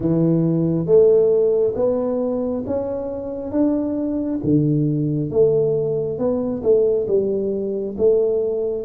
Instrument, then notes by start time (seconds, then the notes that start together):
tuba
0.00 E3
0.85 A3
1.75 B3
2.66 C#4
3.51 D4
4.43 D3
5.30 A3
6.18 B3
6.62 A3
7.07 G3
7.97 A3